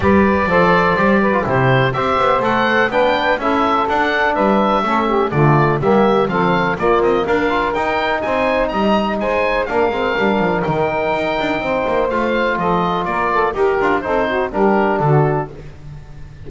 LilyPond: <<
  \new Staff \with { instrumentName = "oboe" } { \time 4/4 \tempo 4 = 124 d''2. c''4 | e''4 fis''4 g''4 e''4 | fis''4 e''2 d''4 | e''4 f''4 d''8 dis''8 f''4 |
g''4 gis''4 ais''4 gis''4 | f''2 g''2~ | g''4 f''4 dis''4 d''4 | ais'4 c''4 ais'4 a'4 | }
  \new Staff \with { instrumentName = "saxophone" } { \time 4/4 b'4 c''4. b'8 g'4 | c''2 b'4 a'4~ | a'4 b'4 a'8 g'8 f'4 | g'4 a'4 f'4 ais'4~ |
ais'4 c''4 dis''4 c''4 | ais'1 | c''2 a'4 ais'8 a'8 | g'4 a'8 fis'8 g'4 fis'4 | }
  \new Staff \with { instrumentName = "trombone" } { \time 4/4 g'4 a'4 g'8. f'16 e'4 | g'4 a'4 d'4 e'4 | d'2 cis'4 a4 | ais4 c'4 ais4. f'8 |
dis'1 | d'8 c'8 d'4 dis'2~ | dis'4 f'2. | g'8 f'8 dis'4 d'2 | }
  \new Staff \with { instrumentName = "double bass" } { \time 4/4 g4 f4 g4 c4 | c'8 b8 a4 b4 cis'4 | d'4 g4 a4 d4 | g4 f4 ais8 c'8 d'4 |
dis'4 c'4 g4 gis4 | ais8 gis8 g8 f8 dis4 dis'8 d'8 | c'8 ais8 a4 f4 ais4 | dis'8 d'8 c'4 g4 d4 | }
>>